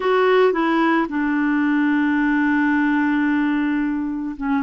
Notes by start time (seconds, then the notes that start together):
0.00 F#4
0.52 E4
1.08 D4
4.37 C#4